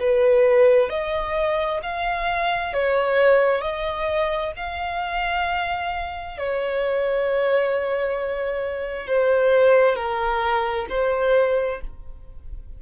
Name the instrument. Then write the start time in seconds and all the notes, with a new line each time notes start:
violin
0.00 B4
0.90 D#5
1.83 F5
2.74 C#5
3.62 D#5
4.56 F5
6.38 C#5
9.07 C5
9.96 A#4
10.90 C5